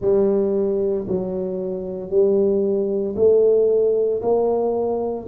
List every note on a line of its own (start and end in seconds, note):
0.00 1.06 G3
1.07 2.10 F#3
2.10 3.15 G3
3.16 4.21 A3
4.22 5.27 A#3